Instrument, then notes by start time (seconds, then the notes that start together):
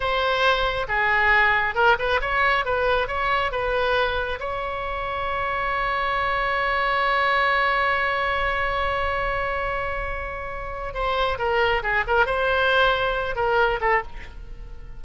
oboe
0.00 C5
0.88 G#4
1.74 A#4
1.98 B4
2.21 C#5
2.65 B4
3.07 C#5
3.51 B4
4.39 C#5
10.94 C5
11.38 A#4
11.82 G#4
12.07 A#4
12.25 C5
13.35 A#4
13.80 A4